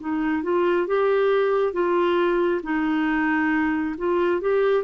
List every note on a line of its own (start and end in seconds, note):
0.00 0.43 D#4
0.43 0.87 F4
0.87 1.73 G4
1.73 2.61 F4
2.63 3.95 D#4
3.98 4.41 F4
4.41 4.84 G4